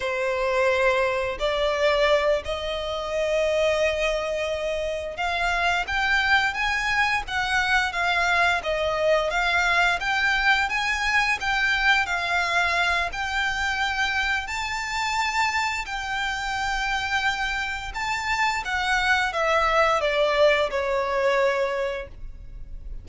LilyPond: \new Staff \with { instrumentName = "violin" } { \time 4/4 \tempo 4 = 87 c''2 d''4. dis''8~ | dis''2.~ dis''8 f''8~ | f''8 g''4 gis''4 fis''4 f''8~ | f''8 dis''4 f''4 g''4 gis''8~ |
gis''8 g''4 f''4. g''4~ | g''4 a''2 g''4~ | g''2 a''4 fis''4 | e''4 d''4 cis''2 | }